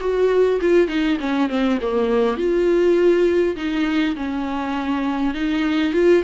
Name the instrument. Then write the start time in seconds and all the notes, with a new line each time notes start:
viola
0.00 F#4
0.60 F4
0.87 D#4
1.20 C#4
1.49 C4
1.81 A#3
2.37 F4
3.56 D#4
4.15 C#4
5.34 D#4
5.92 F4